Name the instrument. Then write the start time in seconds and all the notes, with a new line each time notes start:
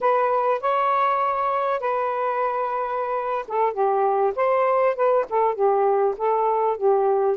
saxophone
0.00 B4
0.60 C#5
1.80 B4
3.47 A4
3.73 G4
4.35 C5
4.95 B4
5.29 A4
5.54 G4
6.17 A4
6.77 G4